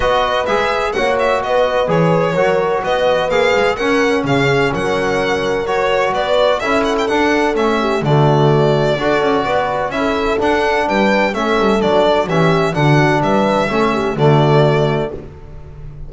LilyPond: <<
  \new Staff \with { instrumentName = "violin" } { \time 4/4 \tempo 4 = 127 dis''4 e''4 fis''8 e''8 dis''4 | cis''2 dis''4 f''4 | fis''4 f''4 fis''2 | cis''4 d''4 e''8 fis''16 g''16 fis''4 |
e''4 d''2.~ | d''4 e''4 fis''4 g''4 | e''4 d''4 e''4 fis''4 | e''2 d''2 | }
  \new Staff \with { instrumentName = "horn" } { \time 4/4 b'2 cis''4 b'4~ | b'4 ais'4 b'2 | ais'4 gis'4 ais'2~ | ais'4 b'4 a'2~ |
a'8 g'8 fis'2 a'4 | b'4 a'2 b'4 | a'2 g'4 fis'4 | b'4 a'8 g'8 fis'2 | }
  \new Staff \with { instrumentName = "trombone" } { \time 4/4 fis'4 gis'4 fis'2 | gis'4 fis'2 gis'4 | cis'1 | fis'2 e'4 d'4 |
cis'4 a2 fis'4~ | fis'4 e'4 d'2 | cis'4 d'4 cis'4 d'4~ | d'4 cis'4 a2 | }
  \new Staff \with { instrumentName = "double bass" } { \time 4/4 b4 gis4 ais4 b4 | e4 fis4 b4 ais8 gis8 | cis'4 cis4 fis2~ | fis4 b4 cis'4 d'4 |
a4 d2 d'8 cis'8 | b4 cis'4 d'4 g4 | a8 g8 fis4 e4 d4 | g4 a4 d2 | }
>>